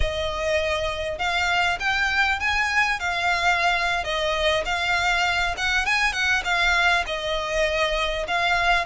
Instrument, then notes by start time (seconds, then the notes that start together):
violin
0.00 D#5
1.18 F5
1.79 G5
2.39 G#5
2.99 F5
4.04 D#5
4.65 F5
5.57 F#5
5.85 G#5
6.12 F#5
6.44 F5
7.06 D#5
8.27 F5